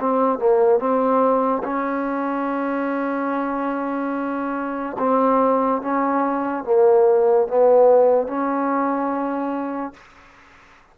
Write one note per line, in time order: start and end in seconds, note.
0.00 0.39 C4
0.39 0.80 A#3
0.80 1.63 C4
1.64 4.97 C#4
4.99 5.82 C4
5.82 6.64 C#4
6.64 7.48 A#3
7.48 8.27 B3
8.27 9.94 C#4